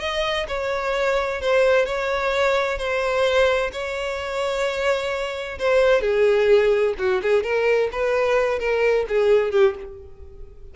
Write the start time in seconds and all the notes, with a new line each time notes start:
0.00 D#5
0.48 C#5
1.41 C5
1.86 C#5
2.78 C5
3.73 C#5
5.59 C5
6.01 G#4
6.99 F#4
7.22 G#4
7.43 A#4
7.92 B4
8.59 A#4
9.08 G#4
9.52 G4